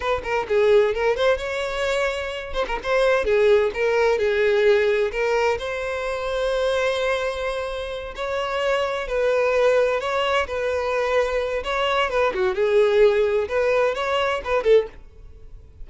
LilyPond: \new Staff \with { instrumentName = "violin" } { \time 4/4 \tempo 4 = 129 b'8 ais'8 gis'4 ais'8 c''8 cis''4~ | cis''4. c''16 ais'16 c''4 gis'4 | ais'4 gis'2 ais'4 | c''1~ |
c''4. cis''2 b'8~ | b'4. cis''4 b'4.~ | b'4 cis''4 b'8 fis'8 gis'4~ | gis'4 b'4 cis''4 b'8 a'8 | }